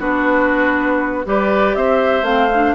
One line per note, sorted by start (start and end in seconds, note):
0.00 1.26 B3
0.00 1.26 D4
0.00 1.26 F#4
0.00 1.27 B4
1.26 1.76 G3
1.26 2.25 G4
1.26 1.77 B4
1.26 1.76 D5
1.76 2.23 C4
1.76 2.76 C5
1.76 2.25 E5
2.23 2.73 A3
2.23 2.50 C4
2.23 2.75 F5
2.55 2.76 D4